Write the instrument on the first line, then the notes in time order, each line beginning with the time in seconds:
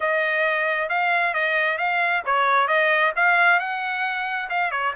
trumpet
0.00 D#5
0.89 F5
1.34 D#5
1.77 F5
2.25 C#5
2.67 D#5
3.16 F5
3.59 F#5
4.49 F5
4.71 C#5